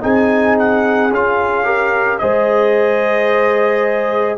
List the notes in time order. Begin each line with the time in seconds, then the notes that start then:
0.00 C4 D#4 G#4 G#5
0.58 F#5
1.11 C#4 F4 F5
1.63 G4 A#4
2.18 G#3 G#4 C5 D#5